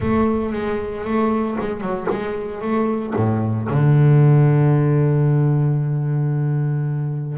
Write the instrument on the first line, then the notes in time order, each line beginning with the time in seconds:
double bass
0.00 A3
0.52 G#3
1.04 A3
1.60 G#3
1.80 F#3
2.09 G#3
2.61 A3
3.15 A2
3.69 D3